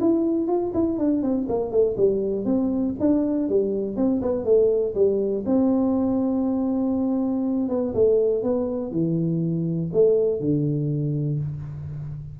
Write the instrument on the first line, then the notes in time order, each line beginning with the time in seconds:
tuba
0.00 E4
0.47 F4
0.73 E4
0.98 D4
1.22 C4
1.48 A#3
1.71 A3
1.97 G3
2.45 C4
3.00 D4
3.48 G3
3.96 C4
4.21 B3
4.44 A3
4.94 G3
5.46 C4
7.69 B3
7.94 A3
8.43 B3
8.91 E3
9.93 A3
10.40 D3